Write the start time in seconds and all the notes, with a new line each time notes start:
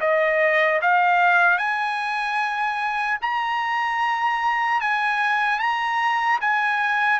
0.00 D#5
0.81 F5
1.58 G#5
3.21 A#5
4.80 G#5
5.59 A#5
6.40 G#5